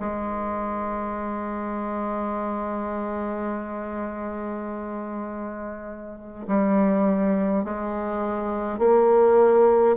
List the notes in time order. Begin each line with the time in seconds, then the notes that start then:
0.00 G#3
6.48 G3
7.65 G#3
8.79 A#3